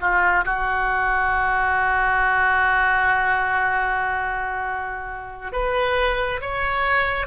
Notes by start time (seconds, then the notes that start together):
0.00 F4
0.45 F#4
5.52 B4
6.41 C#5